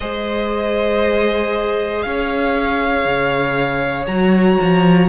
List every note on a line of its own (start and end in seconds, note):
0.00 2.04 G#3
0.00 4.07 G#4
0.00 2.04 C5
0.00 2.02 D#5
2.02 3.05 C#4
2.02 5.09 C#5
2.02 4.05 F5
3.05 4.07 C#3
4.07 4.58 F#3
4.07 5.08 F#4
4.07 5.08 A#5
4.61 5.09 F3